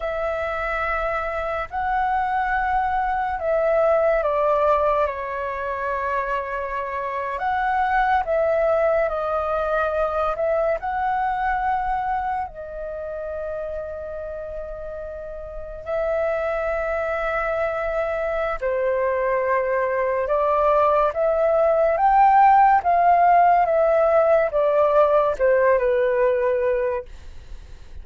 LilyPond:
\new Staff \with { instrumentName = "flute" } { \time 4/4 \tempo 4 = 71 e''2 fis''2 | e''4 d''4 cis''2~ | cis''8. fis''4 e''4 dis''4~ dis''16~ | dis''16 e''8 fis''2 dis''4~ dis''16~ |
dis''2~ dis''8. e''4~ e''16~ | e''2 c''2 | d''4 e''4 g''4 f''4 | e''4 d''4 c''8 b'4. | }